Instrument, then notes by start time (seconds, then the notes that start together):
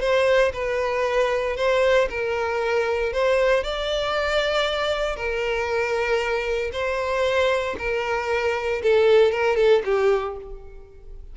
violin
0.00 C5
0.53 B4
1.56 C5
2.09 A#4
3.13 C5
3.63 D5
5.16 A#4
6.72 C5
7.78 A#4
8.83 A4
9.32 A#4
9.56 A4
9.85 G4